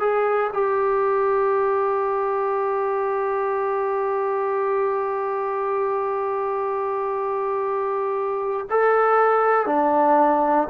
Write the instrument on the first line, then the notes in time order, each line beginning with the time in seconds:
trombone
0.00 G#4
0.53 G4
8.70 A4
9.67 D4